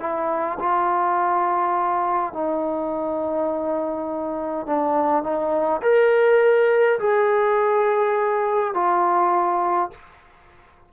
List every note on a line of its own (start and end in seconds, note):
0.00 0.58 E4
0.59 2.33 F4
2.33 4.66 D#4
4.67 5.23 D4
5.23 5.81 D#4
5.82 6.99 A#4
6.99 8.74 G#4
8.74 9.91 F4